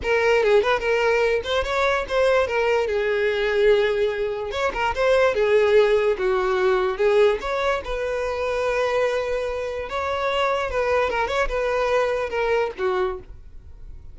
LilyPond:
\new Staff \with { instrumentName = "violin" } { \time 4/4 \tempo 4 = 146 ais'4 gis'8 b'8 ais'4. c''8 | cis''4 c''4 ais'4 gis'4~ | gis'2. cis''8 ais'8 | c''4 gis'2 fis'4~ |
fis'4 gis'4 cis''4 b'4~ | b'1 | cis''2 b'4 ais'8 cis''8 | b'2 ais'4 fis'4 | }